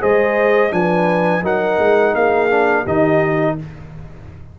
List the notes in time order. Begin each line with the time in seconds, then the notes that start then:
0.00 G#3 G#4 C5 D#5
0.71 F3 D4 B4 G#5
1.43 F#3 D#4 A#4 F#5
1.79 G#3
2.14 A#3 G#4 F5
2.50 D4
2.83 D#3 D#4 G4 D#5